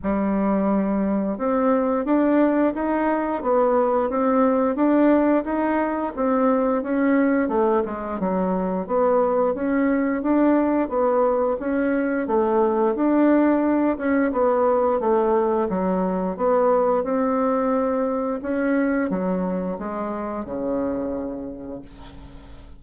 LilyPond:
\new Staff \with { instrumentName = "bassoon" } { \time 4/4 \tempo 4 = 88 g2 c'4 d'4 | dis'4 b4 c'4 d'4 | dis'4 c'4 cis'4 a8 gis8 | fis4 b4 cis'4 d'4 |
b4 cis'4 a4 d'4~ | d'8 cis'8 b4 a4 fis4 | b4 c'2 cis'4 | fis4 gis4 cis2 | }